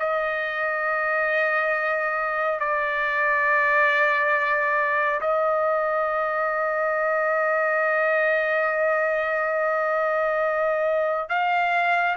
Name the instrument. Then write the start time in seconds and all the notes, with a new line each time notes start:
trumpet
0.00 D#5
2.60 D5
5.21 D#5
11.30 F5